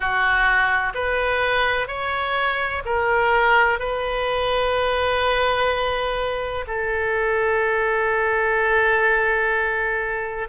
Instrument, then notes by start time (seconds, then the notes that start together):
oboe
0.00 F#4
0.94 B4
1.87 C#5
2.85 A#4
3.79 B4
6.67 A4